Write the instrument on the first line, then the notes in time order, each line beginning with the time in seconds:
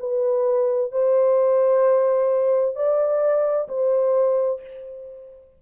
horn
0.00 B4
0.92 C5
2.76 D5
3.69 C5